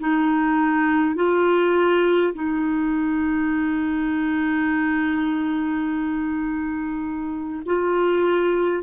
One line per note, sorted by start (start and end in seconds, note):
0.00 1.16 D#4
1.16 2.33 F4
2.34 7.63 D#4
7.66 8.83 F4